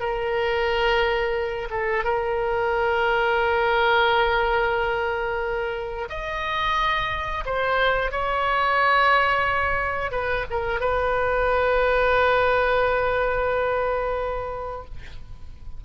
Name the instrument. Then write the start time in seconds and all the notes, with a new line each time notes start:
oboe
0.00 A#4
1.71 A4
2.04 A#4
6.10 D#5
7.46 C5
8.11 C#5
10.12 B4
10.50 A#4
10.80 B4